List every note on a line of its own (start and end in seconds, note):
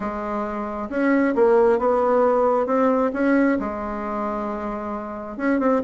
0.00 0.89 G#3
0.89 1.34 C#4
1.35 1.78 A#3
1.78 2.66 B3
2.66 3.11 C4
3.13 3.58 C#4
3.59 5.37 G#3
5.37 5.59 C#4
5.59 5.81 C4